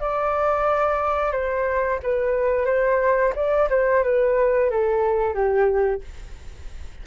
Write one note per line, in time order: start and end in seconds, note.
0.00 1.32 D5
1.32 1.99 C5
2.03 2.66 B4
2.66 3.33 C5
3.35 3.69 D5
3.70 4.04 C5
4.04 4.71 B4
4.71 5.34 A4
5.34 6.02 G4